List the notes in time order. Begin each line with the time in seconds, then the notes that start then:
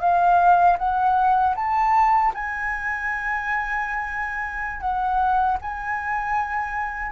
0.00 F5
0.78 F#5
1.56 A5
2.34 G#5
4.80 F#5
5.61 G#5